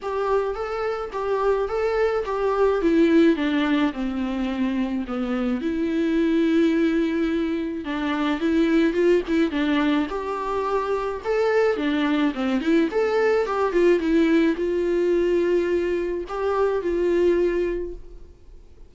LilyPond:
\new Staff \with { instrumentName = "viola" } { \time 4/4 \tempo 4 = 107 g'4 a'4 g'4 a'4 | g'4 e'4 d'4 c'4~ | c'4 b4 e'2~ | e'2 d'4 e'4 |
f'8 e'8 d'4 g'2 | a'4 d'4 c'8 e'8 a'4 | g'8 f'8 e'4 f'2~ | f'4 g'4 f'2 | }